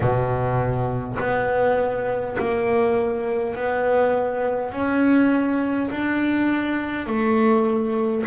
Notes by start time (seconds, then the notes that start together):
0.00 B2
1.19 B3
2.38 A#3
3.55 B3
4.72 C#4
5.90 D4
7.06 A3